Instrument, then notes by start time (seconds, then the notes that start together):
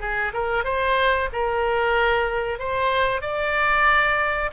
oboe
0.00 G#4
0.33 A#4
0.64 C5
1.33 A#4
2.59 C5
3.21 D5